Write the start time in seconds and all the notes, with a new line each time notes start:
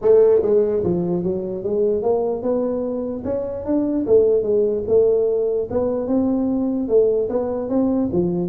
0.01 A3
0.42 G#3
0.83 F3
1.23 F#3
1.63 G#3
2.02 A#3
2.42 B3
3.24 C#4
3.65 D4
4.06 A3
4.42 G#3
4.87 A3
5.70 B3
6.07 C4
6.88 A3
7.29 B3
7.69 C4
8.12 F3